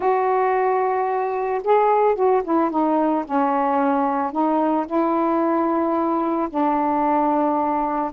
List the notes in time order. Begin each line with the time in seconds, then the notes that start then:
0.00 F#4
1.64 G#4
2.15 F#4
2.43 E4
2.70 D#4
3.25 C#4
4.31 D#4
4.86 E4
6.49 D4